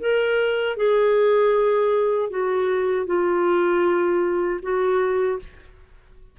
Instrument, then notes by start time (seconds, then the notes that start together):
clarinet
0.00 A#4
0.77 G#4
2.30 F#4
3.07 F4
4.63 F#4